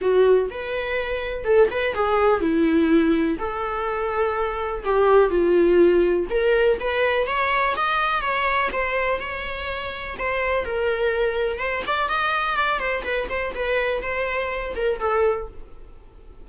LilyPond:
\new Staff \with { instrumentName = "viola" } { \time 4/4 \tempo 4 = 124 fis'4 b'2 a'8 b'8 | gis'4 e'2 a'4~ | a'2 g'4 f'4~ | f'4 ais'4 b'4 cis''4 |
dis''4 cis''4 c''4 cis''4~ | cis''4 c''4 ais'2 | c''8 d''8 dis''4 d''8 c''8 b'8 c''8 | b'4 c''4. ais'8 a'4 | }